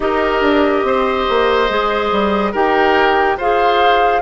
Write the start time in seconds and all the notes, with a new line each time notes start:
0.00 D#4 G4 A#4 D#5
0.41 D4
0.83 C4 C5
1.29 A#3
1.69 G#3 G#4
2.11 G3
2.51 D#4 G4 A#4 G5
3.36 F4 G#4 C5 F5